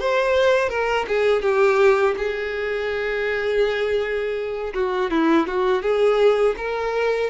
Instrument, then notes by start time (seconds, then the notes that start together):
violin
0.00 C5
0.69 A#4
1.08 G#4
1.42 G4
2.18 G#4
4.74 F#4
5.11 E4
5.47 F#4
5.82 G#4
6.57 A#4